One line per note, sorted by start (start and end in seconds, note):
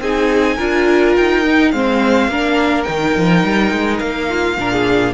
0.00 0.57 C4
0.00 0.59 D#4
0.00 0.57 G#4
0.00 1.16 G#5
0.57 1.16 D4
0.57 1.44 F4
0.57 1.71 A#4
1.16 1.73 D#4
1.16 1.72 G5
1.44 1.73 D#4
1.72 2.28 G#3
1.72 2.30 C4
1.72 2.31 C5
1.72 2.83 F5
2.28 2.85 A#3
2.28 2.86 D4
2.28 4.29 A#4
2.83 3.17 D#3
2.83 4.57 D#4
2.83 3.97 G5
3.17 3.44 F3
3.44 3.72 G3
3.72 4.00 G#3
4.00 4.58 A#3
4.00 5.14 F5
4.29 4.57 F4
4.58 5.15 A#2
4.58 5.15 D4
4.58 4.72 A#4
4.72 5.15 G#4